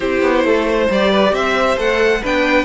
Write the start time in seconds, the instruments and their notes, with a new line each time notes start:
0.00 cello C4, viola E4, violin G4 C5
0.22 cello B3
0.44 cello A3, violin A4
0.68 violin C5
0.90 cello G3, viola G4, violin D5
1.10 violin B4
1.32 cello C4, violin C5 E5
1.77 cello A3, viola A4, violin F#5
2.21 cello B3, viola D4, violin B4 G5